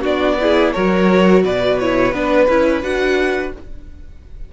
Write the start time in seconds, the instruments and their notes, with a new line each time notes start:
0.00 cello B3, viola D4, violin F#4 D5
0.40 viola E4, violin G#4
0.72 cello F#3, viola F#4, violin A#4 C#5
1.43 cello B2, violin B4 D5
1.79 viola E4, violin C#5
2.12 cello B3, viola D4, violin B4
2.48 cello C#4, viola E4
2.82 cello D4, viola F#4, violin F#5